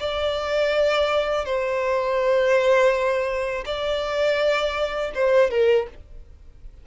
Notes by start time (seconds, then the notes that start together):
0.00 D5
1.46 C5
3.66 D5
5.15 C5
5.51 A#4